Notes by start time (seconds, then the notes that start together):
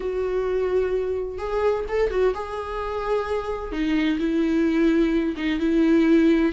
0.00 F#4
1.38 G#4
1.88 A4
2.10 F#4
2.34 G#4
3.72 D#4
4.19 E4
5.36 D#4
5.59 E4